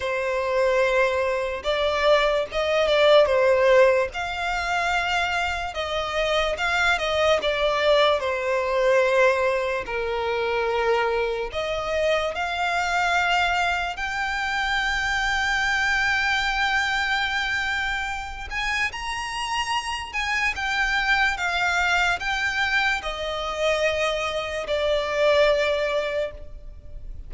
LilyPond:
\new Staff \with { instrumentName = "violin" } { \time 4/4 \tempo 4 = 73 c''2 d''4 dis''8 d''8 | c''4 f''2 dis''4 | f''8 dis''8 d''4 c''2 | ais'2 dis''4 f''4~ |
f''4 g''2.~ | g''2~ g''8 gis''8 ais''4~ | ais''8 gis''8 g''4 f''4 g''4 | dis''2 d''2 | }